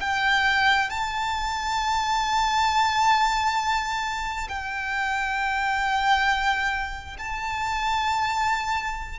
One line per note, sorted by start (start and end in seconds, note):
0.00 0.90 G5
0.90 4.48 A5
4.48 7.17 G5
7.18 9.19 A5